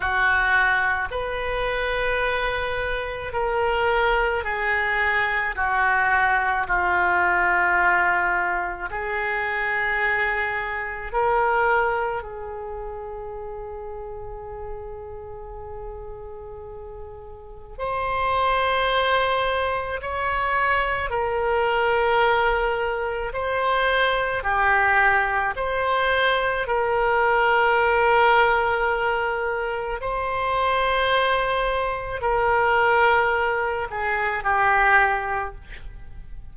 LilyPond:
\new Staff \with { instrumentName = "oboe" } { \time 4/4 \tempo 4 = 54 fis'4 b'2 ais'4 | gis'4 fis'4 f'2 | gis'2 ais'4 gis'4~ | gis'1 |
c''2 cis''4 ais'4~ | ais'4 c''4 g'4 c''4 | ais'2. c''4~ | c''4 ais'4. gis'8 g'4 | }